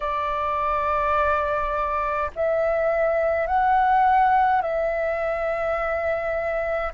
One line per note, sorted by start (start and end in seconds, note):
0.00 2.31 D5
2.35 3.46 E5
3.46 4.61 F#5
4.61 6.92 E5